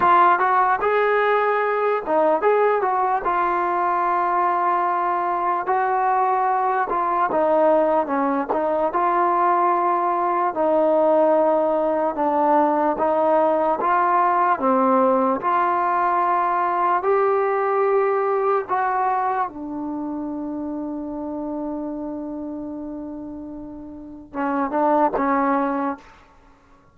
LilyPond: \new Staff \with { instrumentName = "trombone" } { \time 4/4 \tempo 4 = 74 f'8 fis'8 gis'4. dis'8 gis'8 fis'8 | f'2. fis'4~ | fis'8 f'8 dis'4 cis'8 dis'8 f'4~ | f'4 dis'2 d'4 |
dis'4 f'4 c'4 f'4~ | f'4 g'2 fis'4 | d'1~ | d'2 cis'8 d'8 cis'4 | }